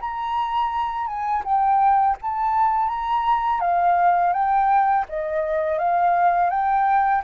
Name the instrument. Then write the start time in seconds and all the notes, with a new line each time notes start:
flute
0.00 A#5
1.06 G#5
1.44 G5
2.21 A5
2.88 A#5
3.60 F5
4.32 G5
5.08 D#5
5.78 F5
6.49 G5